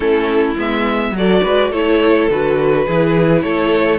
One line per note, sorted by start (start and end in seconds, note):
0.00 0.54 A3
0.00 0.56 C#4
0.00 1.14 E4
0.00 0.54 A4
0.56 1.11 G#3
0.56 1.13 B3
0.56 1.16 E5
1.11 1.40 F#3
1.11 1.73 F#4
1.11 1.43 A4
1.11 1.72 D5
1.43 1.70 G#3
1.43 1.70 B4
1.70 2.27 A3
1.70 2.30 E4
1.70 2.85 A4
1.70 2.29 C#5
2.29 2.86 D3
2.29 2.87 F#4
2.29 3.42 B4
2.85 3.44 E3
2.85 3.99 E4
2.85 3.42 G#4
3.42 3.99 A3
3.42 3.99 A4
3.42 3.99 C#5